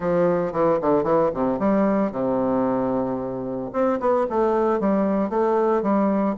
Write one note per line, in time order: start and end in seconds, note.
0.00 0.52 F3
0.52 0.78 E3
0.81 1.03 D3
1.03 1.30 E3
1.33 1.59 C3
1.59 2.11 G3
2.11 3.70 C3
3.72 3.99 C4
4.00 4.26 B3
4.29 4.79 A3
4.79 5.29 G3
5.29 5.82 A3
5.82 6.35 G3